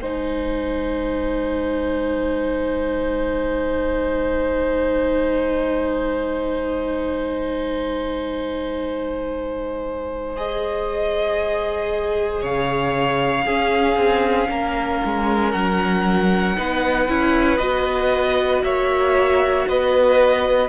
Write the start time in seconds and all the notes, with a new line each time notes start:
0.00 G#3 D#4 C5 G#5
10.36 G#4 D#5
12.41 C#3 C#5 F5
13.45 C#4 G#4
13.96 C4
14.48 A#3 A#4
15.04 G#3
15.50 F#3 F#5
16.56 B3 D#4 B4
17.08 C#4 E4
17.57 B3 F#4 D#5
18.63 A#3 C#5 E5
19.67 B3 B4 D#5